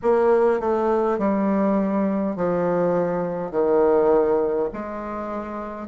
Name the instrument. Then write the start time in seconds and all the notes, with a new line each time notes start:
bassoon
0.02 A#3
0.59 A3
1.18 G3
2.36 F3
3.51 D#3
4.73 G#3